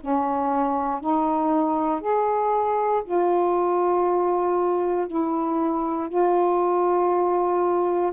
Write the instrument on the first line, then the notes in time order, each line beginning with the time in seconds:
saxophone
0.00 C#4
1.00 D#4
2.01 G#4
3.05 F4
5.07 E4
6.09 F4